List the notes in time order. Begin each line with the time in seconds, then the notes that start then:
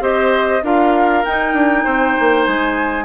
0.00 C4 G4 C5 D#5
0.62 D4 F4 A#4 F5
1.24 D#4 G5
1.53 D4
1.84 C4 C5
2.20 A#3
2.44 G#3 G#5